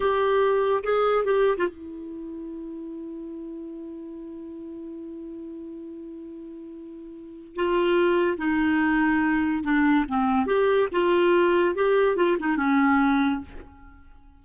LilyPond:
\new Staff \with { instrumentName = "clarinet" } { \time 4/4 \tempo 4 = 143 g'2 gis'4 g'8. f'16 | e'1~ | e'1~ | e'1~ |
e'2 f'2 | dis'2. d'4 | c'4 g'4 f'2 | g'4 f'8 dis'8 cis'2 | }